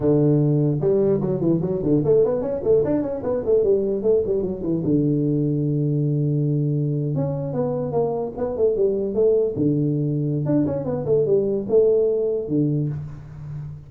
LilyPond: \new Staff \with { instrumentName = "tuba" } { \time 4/4 \tempo 4 = 149 d2 g4 fis8 e8 | fis8 d8 a8 b8 cis'8 a8 d'8 cis'8 | b8 a8 g4 a8 g8 fis8 e8 | d1~ |
d4.~ d16 cis'4 b4 ais16~ | ais8. b8 a8 g4 a4 d16~ | d2 d'8 cis'8 b8 a8 | g4 a2 d4 | }